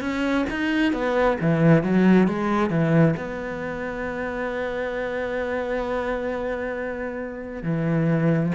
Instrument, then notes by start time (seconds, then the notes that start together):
cello
0.00 C#4
0.50 D#4
0.92 B3
1.40 E3
1.83 F#3
2.27 G#3
2.69 E3
3.16 B3
7.62 E3